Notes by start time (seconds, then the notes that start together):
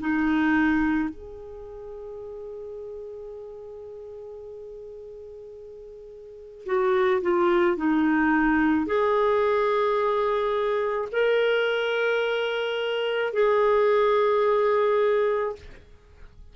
0.00 D#4
1.10 G#4
6.66 F#4
7.22 F4
7.77 D#4
8.86 G#4
11.12 A#4
13.33 G#4